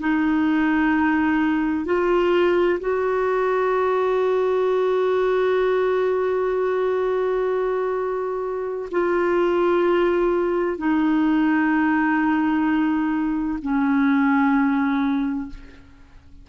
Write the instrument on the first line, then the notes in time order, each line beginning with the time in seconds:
clarinet
0.00 D#4
1.85 F4
2.80 F#4
8.91 F4
10.78 D#4
13.62 C#4